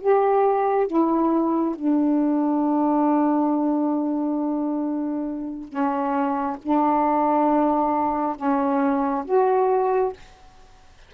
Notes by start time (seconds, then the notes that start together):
0.00 G4
0.87 E4
1.75 D4
5.68 C#4
6.62 D4
8.36 C#4
9.24 F#4